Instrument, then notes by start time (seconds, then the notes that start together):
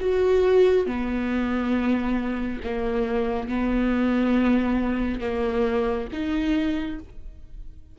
viola
0.00 F#4
0.86 B3
2.64 A#3
3.48 B3
5.21 A#3
6.12 D#4